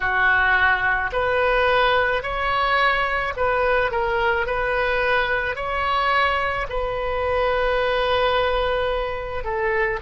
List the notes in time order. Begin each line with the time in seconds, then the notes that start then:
0.00 F#4
1.12 B4
2.22 C#5
3.36 B4
3.91 A#4
4.46 B4
5.56 C#5
6.69 B4
9.43 A4